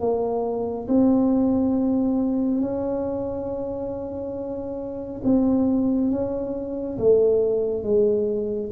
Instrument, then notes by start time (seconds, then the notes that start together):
tuba
0.00 A#3
0.88 C4
2.61 C#4
5.24 C4
6.11 C#4
6.98 A3
7.83 G#3